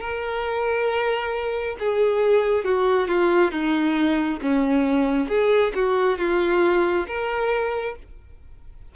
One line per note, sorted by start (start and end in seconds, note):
0.00 1.76 A#4
1.79 2.65 G#4
2.65 3.08 F#4
3.08 3.52 F4
3.52 4.40 D#4
4.42 5.29 C#4
5.29 5.73 G#4
5.75 6.18 F#4
6.18 7.07 F4
7.07 7.95 A#4